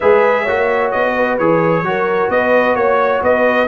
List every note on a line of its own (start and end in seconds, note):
0.00 0.48 G#3
0.00 0.47 G#4
0.00 0.42 B4
0.00 0.91 E5
0.42 0.93 A#3
0.42 1.40 F#4
0.42 1.11 C#5
0.91 1.39 B3
0.91 1.37 D#5
1.14 1.83 B4
1.37 1.82 E3
1.37 1.84 G#4
1.37 2.30 C#5
1.82 2.28 F#3
1.82 3.68 F#4
1.82 2.32 A#4
2.29 2.75 B3
2.29 2.77 B4
2.29 2.75 D#5
2.75 3.21 A#3
2.75 3.21 C#5
2.75 3.23 C#5
3.22 3.68 B3
3.22 3.68 B4
3.22 3.68 D#5